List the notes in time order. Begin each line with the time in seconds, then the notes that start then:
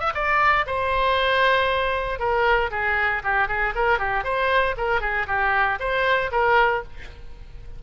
0.00 E5
0.14 D5
0.66 C5
2.19 A#4
2.71 G#4
3.24 G4
3.48 G#4
3.75 A#4
3.99 G4
4.24 C5
4.77 A#4
5.01 G#4
5.27 G4
5.80 C5
6.32 A#4